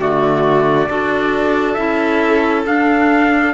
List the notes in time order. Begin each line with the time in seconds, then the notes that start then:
0.00 D3 A3 F#4 D5
0.89 D4 F#4 A4
1.74 C#4 E4 E5
2.66 D4 F5